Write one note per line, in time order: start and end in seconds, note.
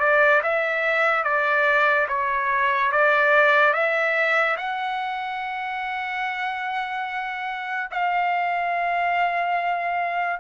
0.00 0.42 D5
0.43 1.24 E5
1.24 2.07 D5
2.08 2.92 C#5
2.92 3.73 D5
3.73 4.56 E5
4.57 7.90 F#5
7.91 10.40 F5